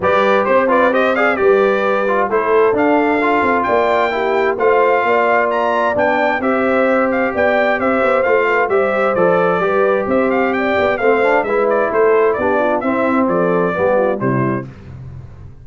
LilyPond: <<
  \new Staff \with { instrumentName = "trumpet" } { \time 4/4 \tempo 4 = 131 d''4 c''8 d''8 dis''8 f''8 d''4~ | d''4 c''4 f''2 | g''2 f''2 | ais''4 g''4 e''4. f''8 |
g''4 e''4 f''4 e''4 | d''2 e''8 f''8 g''4 | f''4 e''8 d''8 c''4 d''4 | e''4 d''2 c''4 | }
  \new Staff \with { instrumentName = "horn" } { \time 4/4 b'4 c''8 b'8 c''8 d''8 b'4~ | b'4 a'2. | d''4 g'4 c''4 d''4~ | d''2 c''2 |
d''4 c''4. b'8 c''4~ | c''4 b'4 c''4 d''4 | c''4 b'4 a'4 g'8 f'8 | e'4 a'4 g'8 f'8 e'4 | }
  \new Staff \with { instrumentName = "trombone" } { \time 4/4 g'4. f'8 g'8 gis'8 g'4~ | g'8 f'8 e'4 d'4 f'4~ | f'4 e'4 f'2~ | f'4 d'4 g'2~ |
g'2 f'4 g'4 | a'4 g'2. | c'8 d'8 e'2 d'4 | c'2 b4 g4 | }
  \new Staff \with { instrumentName = "tuba" } { \time 4/4 g4 c'2 g4~ | g4 a4 d'4. c'8 | ais2 a4 ais4~ | ais4 b4 c'2 |
b4 c'8 b8 a4 g4 | f4 g4 c'4. b8 | a4 gis4 a4 b4 | c'4 f4 g4 c4 | }
>>